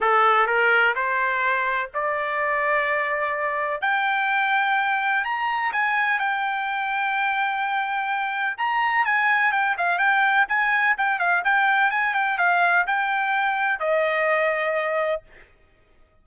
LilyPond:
\new Staff \with { instrumentName = "trumpet" } { \time 4/4 \tempo 4 = 126 a'4 ais'4 c''2 | d''1 | g''2. ais''4 | gis''4 g''2.~ |
g''2 ais''4 gis''4 | g''8 f''8 g''4 gis''4 g''8 f''8 | g''4 gis''8 g''8 f''4 g''4~ | g''4 dis''2. | }